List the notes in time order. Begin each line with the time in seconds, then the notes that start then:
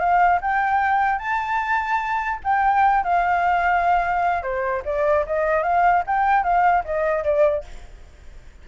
0.00 F5
0.42 G5
1.19 A5
2.44 G5
3.04 F5
4.43 C5
4.86 D5
5.26 D#5
5.63 F5
6.07 G5
6.44 F5
6.85 D#5
7.24 D5